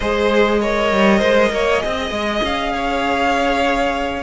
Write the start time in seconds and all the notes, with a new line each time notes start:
0.00 G#3 G#4 C5 D#5
0.60 A#4 C#5
0.91 G3
1.19 G#3 C5
1.52 A#3 C#5
1.79 C4 G#4 D#5
2.10 G#3
2.42 C#4 F5
2.74 C#5